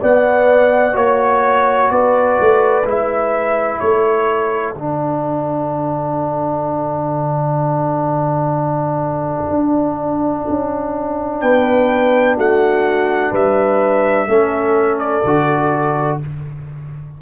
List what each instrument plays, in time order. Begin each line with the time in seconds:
0.00 trombone B3, tuba B3, horn D5, trumpet F#5
0.92 tuba A#3, trombone F#4, horn C#5, trumpet C#5
1.90 tuba B3, horn B4, trumpet D5
2.40 tuba A3
2.84 tuba G#3, trombone E4, trumpet E5
3.80 tuba A3, horn A4, trumpet C#5
4.74 tuba D3, trombone D4, trumpet F#5
9.50 tuba D4
10.49 tuba C#4
11.40 tuba B3, horn B4, trumpet G5
12.37 tuba A3, horn F#4, trumpet F#5
13.31 tuba G3, horn B4, trumpet E5
14.27 tuba A3, trombone C#4, horn A4
14.99 trumpet D5
15.24 tuba D3, trombone F#4